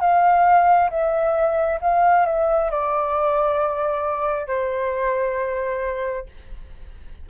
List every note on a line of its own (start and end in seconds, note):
0.00 0.90 F5
0.90 1.80 E5
1.81 2.26 F5
2.26 2.71 E5
2.71 4.47 D5
4.47 6.26 C5